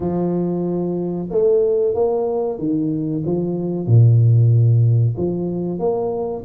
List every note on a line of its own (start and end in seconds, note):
0.00 1.29 F3
1.30 1.94 A3
1.94 2.58 A#3
2.58 3.23 D#3
3.25 3.86 F3
3.86 5.15 A#2
5.17 5.79 F3
5.79 6.43 A#3